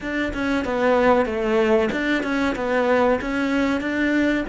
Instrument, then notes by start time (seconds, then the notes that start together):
cello
0.00 D4
0.33 C#4
0.64 B3
1.25 A3
1.91 D4
2.23 C#4
2.55 B3
3.21 C#4
3.80 D4